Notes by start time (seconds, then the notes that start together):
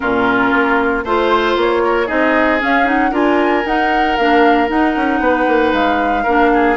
0.00 A#2 C#4 F4 A#4
0.52 A#3
1.04 A3 F4 C5
1.56 A#3 C#5
1.84 A#4
2.06 C4 D#4 G#4 D#5
2.59 C#4 F5
2.85 D#4 F#5
3.11 D4 F4 A#4 G#5
3.65 D#4 F#5
4.16 A#3 D4 F5
4.68 D#4 F#5
4.96 C#4
5.19 B3 B4
5.47 A#3
5.72 G#3 F5
6.23 A#3 D4 A#4
6.53 G#4